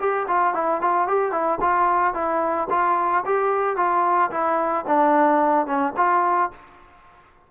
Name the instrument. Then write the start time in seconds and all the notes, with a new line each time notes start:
trombone
0.00 G4
0.28 F4
0.55 E4
0.82 F4
1.08 G4
1.32 E4
1.61 F4
2.14 E4
2.71 F4
3.26 G4
3.77 F4
4.31 E4
4.88 D4
5.67 C#4
5.97 F4